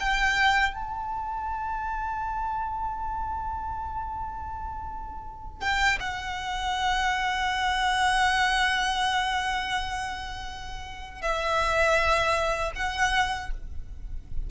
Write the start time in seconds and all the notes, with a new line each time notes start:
0.00 G5
0.74 A5
5.61 G5
6.00 F#5
11.22 E5
12.76 F#5